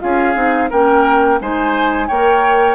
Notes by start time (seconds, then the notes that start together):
0.00 C#4 F4 G#4 F5
0.35 C4 D#4
0.70 A#3 C#4 A#4 G5
1.41 G#3 D#4 C5 G#5
2.08 A#3 A#4 C#5 G5